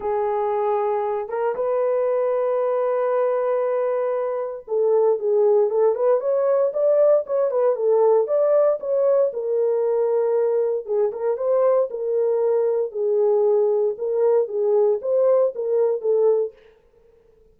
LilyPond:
\new Staff \with { instrumentName = "horn" } { \time 4/4 \tempo 4 = 116 gis'2~ gis'8 ais'8 b'4~ | b'1~ | b'4 a'4 gis'4 a'8 b'8 | cis''4 d''4 cis''8 b'8 a'4 |
d''4 cis''4 ais'2~ | ais'4 gis'8 ais'8 c''4 ais'4~ | ais'4 gis'2 ais'4 | gis'4 c''4 ais'4 a'4 | }